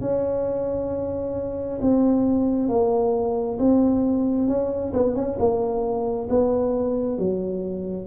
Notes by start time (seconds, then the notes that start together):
0.00 C#4
1.81 C4
2.69 A#3
3.59 C4
4.48 C#4
4.93 B3
5.15 C#4
5.39 A#3
6.29 B3
7.18 F#3